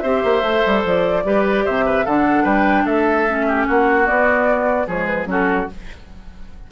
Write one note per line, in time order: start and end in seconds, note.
0.00 0.23 C4
0.00 0.43 G4
0.00 1.23 C5
0.00 0.81 E5
0.24 0.42 A#3
0.42 0.62 A3
0.42 1.23 A4
0.66 0.85 G3
0.85 1.24 F3
0.85 1.66 D5
1.24 1.65 G3
1.24 2.05 G4
1.24 1.65 B4
1.65 2.06 C3
1.65 1.85 C5
1.65 2.06 E5
1.86 2.05 B4
2.05 2.44 D3
2.05 3.28 D4
2.05 2.43 A4
2.05 2.45 F#5
2.43 2.85 G3
2.43 2.83 B4
2.43 2.86 G5
2.85 3.66 A3
2.85 3.45 A4
2.85 3.66 E5
3.28 4.05 C#4
3.48 3.67 G4
3.67 4.09 A#3
3.67 4.87 F#4
3.67 4.07 F#5
4.05 4.86 B3
4.05 4.87 B3
4.05 4.87 D5
4.87 5.26 F3
4.87 5.26 G#3
4.87 5.27 G#4
4.87 5.06 C#5
5.06 5.26 B4
5.26 5.67 F#3
5.26 5.66 C#4
5.26 5.71 F#4
5.26 5.71 A4